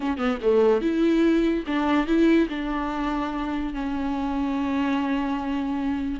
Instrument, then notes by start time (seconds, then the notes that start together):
viola
0.00 C#4
0.17 B3
0.42 A3
0.81 E4
1.67 D4
2.06 E4
2.49 D4
3.73 C#4